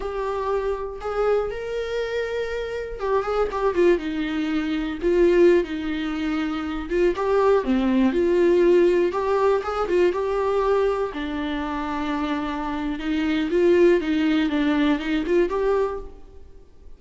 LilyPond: \new Staff \with { instrumentName = "viola" } { \time 4/4 \tempo 4 = 120 g'2 gis'4 ais'4~ | ais'2 g'8 gis'8 g'8 f'8 | dis'2 f'4~ f'16 dis'8.~ | dis'4.~ dis'16 f'8 g'4 c'8.~ |
c'16 f'2 g'4 gis'8 f'16~ | f'16 g'2 d'4.~ d'16~ | d'2 dis'4 f'4 | dis'4 d'4 dis'8 f'8 g'4 | }